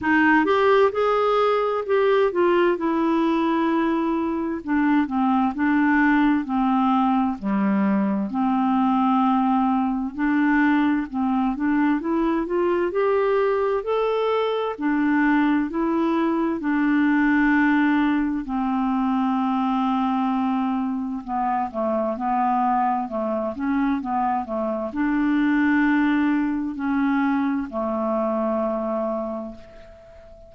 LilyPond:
\new Staff \with { instrumentName = "clarinet" } { \time 4/4 \tempo 4 = 65 dis'8 g'8 gis'4 g'8 f'8 e'4~ | e'4 d'8 c'8 d'4 c'4 | g4 c'2 d'4 | c'8 d'8 e'8 f'8 g'4 a'4 |
d'4 e'4 d'2 | c'2. b8 a8 | b4 a8 cis'8 b8 a8 d'4~ | d'4 cis'4 a2 | }